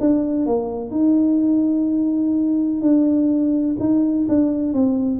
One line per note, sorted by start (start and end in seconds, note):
0.00 0.45 D4
0.45 0.90 A#3
0.90 2.81 D#4
2.81 3.76 D4
3.79 4.27 D#4
4.28 4.73 D4
4.73 5.20 C4